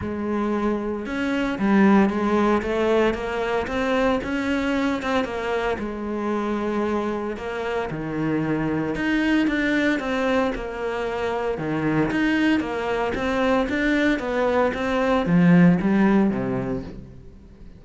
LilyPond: \new Staff \with { instrumentName = "cello" } { \time 4/4 \tempo 4 = 114 gis2 cis'4 g4 | gis4 a4 ais4 c'4 | cis'4. c'8 ais4 gis4~ | gis2 ais4 dis4~ |
dis4 dis'4 d'4 c'4 | ais2 dis4 dis'4 | ais4 c'4 d'4 b4 | c'4 f4 g4 c4 | }